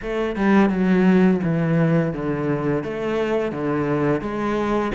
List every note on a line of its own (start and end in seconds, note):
0.02 0.36 A3
0.36 0.69 G3
0.69 1.40 F#3
1.43 2.13 E3
2.13 2.83 D3
2.83 3.52 A3
3.52 4.21 D3
4.21 4.91 G#3